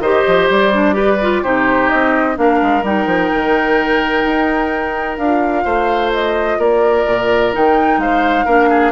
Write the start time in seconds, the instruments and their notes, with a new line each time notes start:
0.00 bassoon D#3, clarinet G4, oboe C5, flute D#5
0.28 bassoon F3
0.50 bassoon G3, flute D5
0.74 clarinet D4
0.93 clarinet G4, oboe B4
1.22 clarinet F4
1.43 bassoon C3, clarinet D#4, oboe G4, flute C5
1.90 bassoon C4, flute D#5
2.36 bassoon A#3, clarinet D4, oboe A#4, flute F5
2.62 bassoon G#3
2.83 bassoon G3, clarinet D#4, flute G5
3.06 bassoon F3
3.34 bassoon D#3
4.25 bassoon D#4
5.18 bassoon D4, clarinet F4, flute F5
5.65 bassoon A3, oboe C5
6.13 flute D#5
6.58 bassoon A#3, oboe A#4, flute D5
7.07 bassoon A#2
7.53 bassoon D#3, clarinet D#4, flute G5
7.98 bassoon G#3, oboe C5, flute F5
8.46 bassoon A#3, clarinet D4, oboe A#4
8.70 oboe G#4